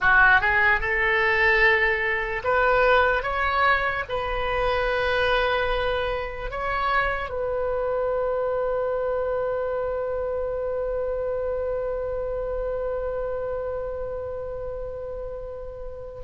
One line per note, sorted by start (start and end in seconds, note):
0.00 0.41 F#4
0.41 0.80 G#4
0.80 2.42 A4
2.43 3.22 B4
3.22 4.04 C#5
4.08 6.50 B4
6.50 7.29 C#5
7.29 16.21 B4